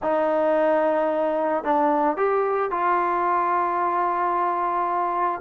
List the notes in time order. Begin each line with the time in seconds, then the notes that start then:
0.02 D#4
1.64 D4
2.16 G4
2.71 F4